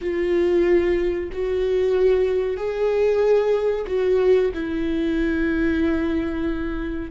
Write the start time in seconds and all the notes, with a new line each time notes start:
0.01 F4
1.32 F#4
2.56 G#4
3.87 F#4
4.53 E4